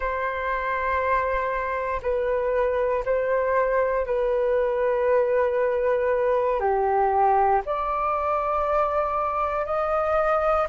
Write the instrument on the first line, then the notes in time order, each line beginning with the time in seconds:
flute
0.00 C5
2.02 B4
3.05 C5
4.05 B4
6.60 G4
7.65 D5
9.65 D#5